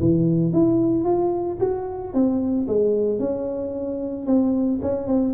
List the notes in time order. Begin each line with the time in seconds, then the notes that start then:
0.00 E3
0.53 E4
1.04 F4
1.60 F#4
2.14 C4
2.68 G#3
3.19 C#4
4.27 C4
4.82 C#4
5.07 C4